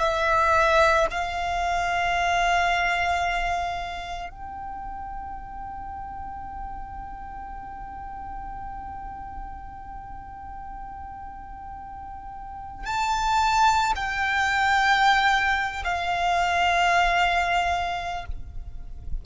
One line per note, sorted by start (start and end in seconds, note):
0.00 1.07 E5
1.11 4.30 F5
4.30 12.86 G5
12.86 13.93 A5
13.96 15.83 G5
15.85 18.26 F5